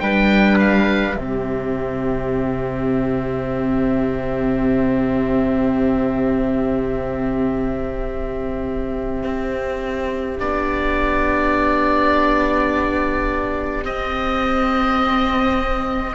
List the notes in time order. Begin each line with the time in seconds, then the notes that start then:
0.00 G3 D4 B4 G5
0.59 F5
1.15 C3 C4 G4 E5
9.23 C4
10.39 B3 D4 D5
13.84 C4 D#5